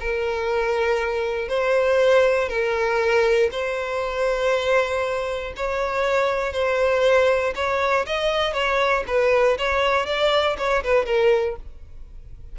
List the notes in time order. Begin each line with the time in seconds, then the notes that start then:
0.00 A#4
1.49 C5
2.49 A#4
3.52 C5
5.57 C#5
6.53 C5
7.55 C#5
8.07 D#5
8.53 C#5
9.07 B4
9.58 C#5
10.06 D5
10.58 C#5
10.84 B4
11.06 A#4